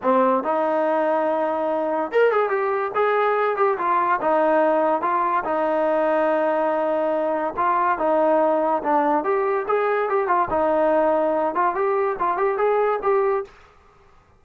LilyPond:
\new Staff \with { instrumentName = "trombone" } { \time 4/4 \tempo 4 = 143 c'4 dis'2.~ | dis'4 ais'8 gis'8 g'4 gis'4~ | gis'8 g'8 f'4 dis'2 | f'4 dis'2.~ |
dis'2 f'4 dis'4~ | dis'4 d'4 g'4 gis'4 | g'8 f'8 dis'2~ dis'8 f'8 | g'4 f'8 g'8 gis'4 g'4 | }